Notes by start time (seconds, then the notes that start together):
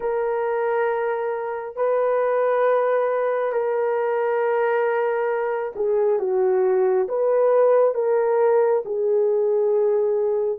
0.00 A#4
1.76 B4
3.52 A#4
5.76 G#4
6.19 F#4
7.08 B4
7.94 A#4
8.85 G#4